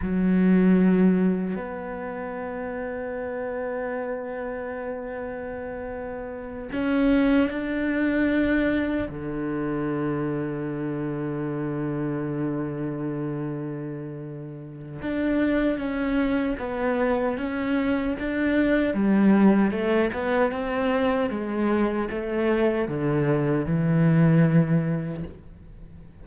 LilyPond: \new Staff \with { instrumentName = "cello" } { \time 4/4 \tempo 4 = 76 fis2 b2~ | b1~ | b8 cis'4 d'2 d8~ | d1~ |
d2. d'4 | cis'4 b4 cis'4 d'4 | g4 a8 b8 c'4 gis4 | a4 d4 e2 | }